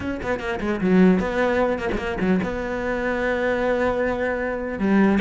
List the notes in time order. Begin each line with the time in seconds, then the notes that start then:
0.00 C#4
0.22 B3
0.39 A#3
0.60 G#3
0.81 F#3
1.19 B3
1.79 A#3
1.92 G#3 A#3
2.20 F#3
2.43 B3
4.78 G3